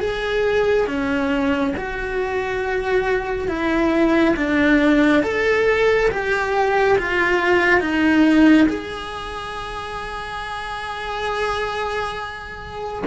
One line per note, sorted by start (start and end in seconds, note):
0.00 0.87 G#4
0.87 1.74 C#4
1.76 3.48 F#4
3.48 4.35 E4
4.36 5.23 D4
5.23 6.10 A4
6.11 6.98 G4
6.98 7.80 F4
7.80 8.67 D#4
8.68 13.03 G#4